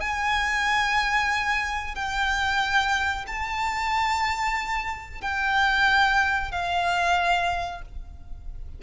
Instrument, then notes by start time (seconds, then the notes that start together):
violin
0.00 G#5
1.95 G5
3.27 A5
5.21 G5
6.52 F5